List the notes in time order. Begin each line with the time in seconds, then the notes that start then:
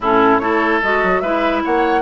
0.00 A2 C#4 E4 A4
0.38 A3 E4 A4 C#5
0.82 G#3 F#4 D#5
1.03 F#3
1.20 G#3 E4 B4 E5
1.64 A#3 C#5 F#5